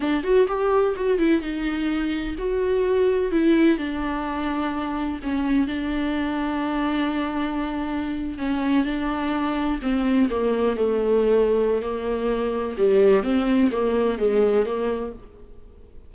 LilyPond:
\new Staff \with { instrumentName = "viola" } { \time 4/4 \tempo 4 = 127 d'8 fis'8 g'4 fis'8 e'8 dis'4~ | dis'4 fis'2 e'4 | d'2. cis'4 | d'1~ |
d'4.~ d'16 cis'4 d'4~ d'16~ | d'8. c'4 ais4 a4~ a16~ | a4 ais2 g4 | c'4 ais4 gis4 ais4 | }